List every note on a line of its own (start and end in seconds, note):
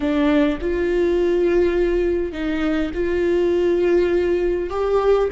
0.00 0.58 D4
0.61 2.32 F4
2.32 2.91 D#4
2.94 4.70 F4
4.70 5.28 G4